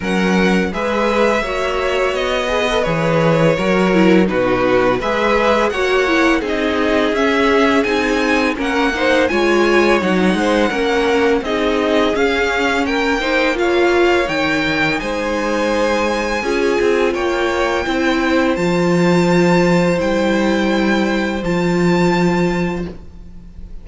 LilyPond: <<
  \new Staff \with { instrumentName = "violin" } { \time 4/4 \tempo 4 = 84 fis''4 e''2 dis''4 | cis''2 b'4 e''4 | fis''4 dis''4 e''4 gis''4 | fis''4 gis''4 fis''2 |
dis''4 f''4 g''4 f''4 | g''4 gis''2. | g''2 a''2 | g''2 a''2 | }
  \new Staff \with { instrumentName = "violin" } { \time 4/4 ais'4 b'4 cis''4. b'8~ | b'4 ais'4 fis'4 b'4 | cis''4 gis'2. | ais'8 c''8 cis''4. c''8 ais'4 |
gis'2 ais'8 c''8 cis''4~ | cis''4 c''2 gis'4 | cis''4 c''2.~ | c''1 | }
  \new Staff \with { instrumentName = "viola" } { \time 4/4 cis'4 gis'4 fis'4. gis'16 a'16 | gis'4 fis'8 e'8 dis'4 gis'4 | fis'8 e'8 dis'4 cis'4 dis'4 | cis'8 dis'8 f'4 dis'4 cis'4 |
dis'4 cis'4. dis'8 f'4 | dis'2. f'4~ | f'4 e'4 f'2 | e'2 f'2 | }
  \new Staff \with { instrumentName = "cello" } { \time 4/4 fis4 gis4 ais4 b4 | e4 fis4 b,4 gis4 | ais4 c'4 cis'4 c'4 | ais4 gis4 fis8 gis8 ais4 |
c'4 cis'4 ais2 | dis4 gis2 cis'8 c'8 | ais4 c'4 f2 | g2 f2 | }
>>